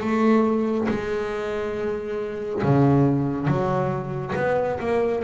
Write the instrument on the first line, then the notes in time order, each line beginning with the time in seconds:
double bass
0.00 A3
0.88 G#3
2.62 C#3
3.47 F#3
4.36 B3
4.79 A#3